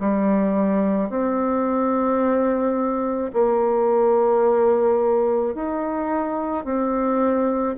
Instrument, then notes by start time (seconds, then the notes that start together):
bassoon
0.00 G3
1.10 C4
3.33 A#3
5.55 D#4
6.65 C4